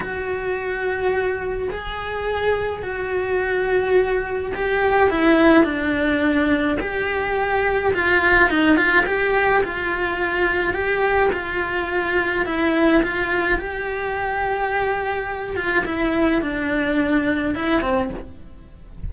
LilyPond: \new Staff \with { instrumentName = "cello" } { \time 4/4 \tempo 4 = 106 fis'2. gis'4~ | gis'4 fis'2. | g'4 e'4 d'2 | g'2 f'4 dis'8 f'8 |
g'4 f'2 g'4 | f'2 e'4 f'4 | g'2.~ g'8 f'8 | e'4 d'2 e'8 c'8 | }